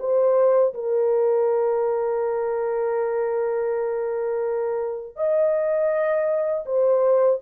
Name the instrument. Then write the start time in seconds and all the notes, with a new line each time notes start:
horn
0.00 C5
0.74 A#4
5.16 D#5
6.66 C5